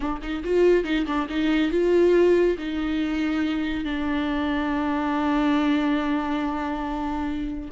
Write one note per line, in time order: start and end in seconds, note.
0.00 0.20 D4
0.21 0.43 D#4
0.44 0.84 F4
0.84 1.05 D#4
1.06 1.27 D4
1.29 1.71 D#4
1.71 2.57 F4
2.58 3.84 D#4
3.84 7.70 D4